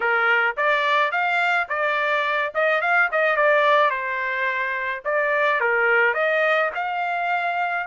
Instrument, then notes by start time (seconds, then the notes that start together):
trumpet
0.00 A#4
0.56 D5
1.11 F5
1.68 D5
2.54 D#5
2.81 F5
3.11 D#5
3.36 D5
3.90 C5
5.05 D5
5.60 A#4
6.14 D#5
6.74 F5